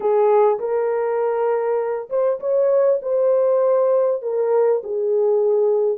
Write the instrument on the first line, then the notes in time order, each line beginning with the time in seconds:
horn
0.00 G#4
0.59 A#4
2.09 C5
2.39 C#5
3.02 C5
4.22 A#4
4.83 G#4